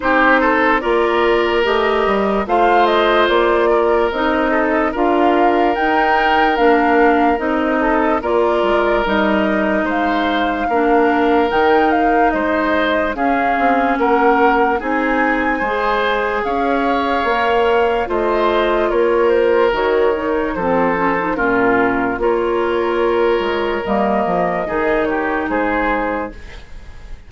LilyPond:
<<
  \new Staff \with { instrumentName = "flute" } { \time 4/4 \tempo 4 = 73 c''4 d''4 dis''4 f''8 dis''8 | d''4 dis''4 f''4 g''4 | f''4 dis''4 d''4 dis''4 | f''2 g''8 f''8 dis''4 |
f''4 fis''4 gis''2 | f''2 dis''4 cis''8 c''8 | cis''4 c''4 ais'4 cis''4~ | cis''4 dis''4. cis''8 c''4 | }
  \new Staff \with { instrumentName = "oboe" } { \time 4/4 g'8 a'8 ais'2 c''4~ | c''8 ais'4 a'8 ais'2~ | ais'4. a'8 ais'2 | c''4 ais'2 c''4 |
gis'4 ais'4 gis'4 c''4 | cis''2 c''4 ais'4~ | ais'4 a'4 f'4 ais'4~ | ais'2 gis'8 g'8 gis'4 | }
  \new Staff \with { instrumentName = "clarinet" } { \time 4/4 dis'4 f'4 g'4 f'4~ | f'4 dis'4 f'4 dis'4 | d'4 dis'4 f'4 dis'4~ | dis'4 d'4 dis'2 |
cis'2 dis'4 gis'4~ | gis'4 ais'4 f'2 | fis'8 dis'8 c'8 cis'16 dis'16 cis'4 f'4~ | f'4 ais4 dis'2 | }
  \new Staff \with { instrumentName = "bassoon" } { \time 4/4 c'4 ais4 a8 g8 a4 | ais4 c'4 d'4 dis'4 | ais4 c'4 ais8 gis8 g4 | gis4 ais4 dis4 gis4 |
cis'8 c'8 ais4 c'4 gis4 | cis'4 ais4 a4 ais4 | dis4 f4 ais,4 ais4~ | ais8 gis8 g8 f8 dis4 gis4 | }
>>